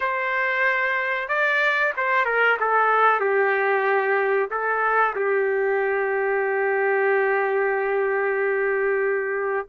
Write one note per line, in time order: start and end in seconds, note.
0.00 1.28 C5
1.28 1.93 D5
1.96 2.25 C5
2.25 2.57 A#4
2.60 3.20 A4
3.20 4.49 G4
4.50 5.15 A4
5.15 9.67 G4